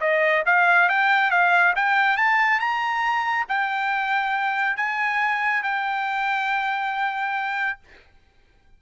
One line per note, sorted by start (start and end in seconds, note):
0.00 0.43 D#5
0.46 0.89 F5
0.89 1.31 G5
1.31 1.74 F5
1.76 2.17 G5
2.17 2.59 A5
2.59 3.46 A#5
3.48 4.77 G5
4.77 5.63 G#5
5.63 7.79 G5